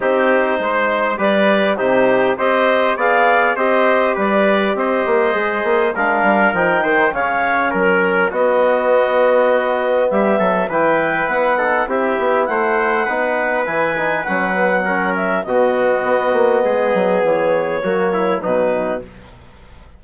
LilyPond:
<<
  \new Staff \with { instrumentName = "clarinet" } { \time 4/4 \tempo 4 = 101 c''2 d''4 c''4 | dis''4 f''4 dis''4 d''4 | dis''2 f''4 g''4 | f''4 ais'4 dis''2~ |
dis''4 e''4 g''4 fis''4 | e''4 fis''2 gis''4 | fis''4. e''8 dis''2~ | dis''4 cis''2 b'4 | }
  \new Staff \with { instrumentName = "trumpet" } { \time 4/4 g'4 c''4 b'4 g'4 | c''4 d''4 c''4 b'4 | c''2 ais'4. c''8 | cis''4 ais'4 fis'2~ |
fis'4 g'8 a'8 b'4. a'8 | g'4 c''4 b'2~ | b'4 ais'4 fis'2 | gis'2 fis'8 e'8 dis'4 | }
  \new Staff \with { instrumentName = "trombone" } { \time 4/4 dis'2 g'4 dis'4 | g'4 gis'4 g'2~ | g'4 gis'4 d'4 dis'4 | cis'2 b2~ |
b2 e'4. dis'8 | e'2 dis'4 e'8 dis'8 | cis'8 b8 cis'4 b2~ | b2 ais4 fis4 | }
  \new Staff \with { instrumentName = "bassoon" } { \time 4/4 c'4 gis4 g4 c4 | c'4 b4 c'4 g4 | c'8 ais8 gis8 ais8 gis8 g8 f8 dis8 | cis4 fis4 b2~ |
b4 g8 fis8 e4 b4 | c'8 b8 a4 b4 e4 | fis2 b,4 b8 ais8 | gis8 fis8 e4 fis4 b,4 | }
>>